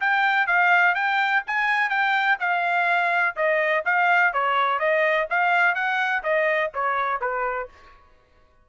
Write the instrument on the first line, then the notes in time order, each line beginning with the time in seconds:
trumpet
0.00 G5
0.46 F5
0.95 G5
1.46 G#5
1.89 G5
2.39 F5
3.36 D#5
3.85 F5
4.33 C#5
4.79 D#5
5.30 F5
5.74 F#5
6.23 D#5
6.73 C#5
7.20 B4